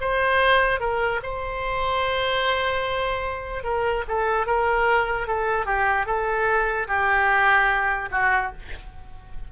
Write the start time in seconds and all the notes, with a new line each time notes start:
0.00 C5
0.80 A#4
1.22 C5
3.63 A#4
4.08 A4
4.46 A#4
5.27 A4
5.65 G4
6.06 A4
6.87 G4
8.11 F#4